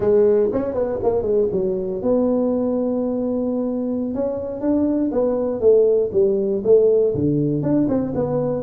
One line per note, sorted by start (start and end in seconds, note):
0.00 0.50 G#3
0.52 0.73 C#4
0.73 0.98 B3
1.02 1.22 A#3
1.22 1.47 G#3
1.51 2.01 F#3
2.02 4.14 B3
4.14 4.60 C#4
4.60 5.10 D4
5.11 5.60 B3
5.60 6.10 A3
6.12 6.62 G3
6.64 7.14 A3
7.14 7.62 D3
7.62 7.87 D4
7.88 8.13 C4
8.14 8.62 B3